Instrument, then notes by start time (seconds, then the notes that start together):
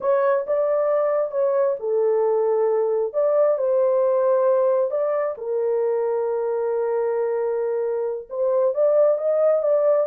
horn
0.00 C#5
0.46 D5
1.31 C#5
1.79 A4
3.13 D5
3.58 C5
4.90 D5
5.37 A#4
8.29 C5
8.74 D5
9.18 D#5
9.62 D5